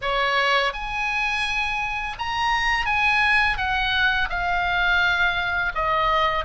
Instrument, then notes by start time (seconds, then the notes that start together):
oboe
0.01 C#5
0.73 G#5
2.18 A#5
2.85 G#5
3.57 F#5
4.29 F5
5.74 D#5